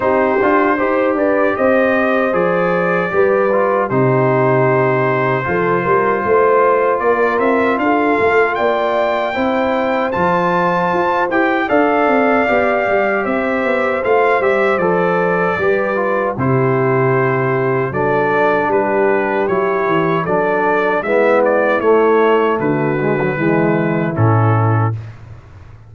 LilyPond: <<
  \new Staff \with { instrumentName = "trumpet" } { \time 4/4 \tempo 4 = 77 c''4. d''8 dis''4 d''4~ | d''4 c''2.~ | c''4 d''8 e''8 f''4 g''4~ | g''4 a''4. g''8 f''4~ |
f''4 e''4 f''8 e''8 d''4~ | d''4 c''2 d''4 | b'4 cis''4 d''4 e''8 d''8 | cis''4 b'2 a'4 | }
  \new Staff \with { instrumentName = "horn" } { \time 4/4 g'4 c''8 b'8 c''2 | b'4 g'2 a'8 ais'8 | c''4 ais'4 a'4 d''4 | c''2. d''4~ |
d''4 c''2. | b'4 g'2 a'4 | g'2 a'4 e'4~ | e'4 fis'4 e'2 | }
  \new Staff \with { instrumentName = "trombone" } { \time 4/4 dis'8 f'8 g'2 gis'4 | g'8 f'8 dis'2 f'4~ | f'1 | e'4 f'4. g'8 a'4 |
g'2 f'8 g'8 a'4 | g'8 f'8 e'2 d'4~ | d'4 e'4 d'4 b4 | a4. gis16 fis16 gis4 cis'4 | }
  \new Staff \with { instrumentName = "tuba" } { \time 4/4 c'8 d'8 dis'8 d'8 c'4 f4 | g4 c2 f8 g8 | a4 ais8 c'8 d'8 a8 ais4 | c'4 f4 f'8 e'8 d'8 c'8 |
b8 g8 c'8 b8 a8 g8 f4 | g4 c2 fis4 | g4 fis8 e8 fis4 gis4 | a4 d4 e4 a,4 | }
>>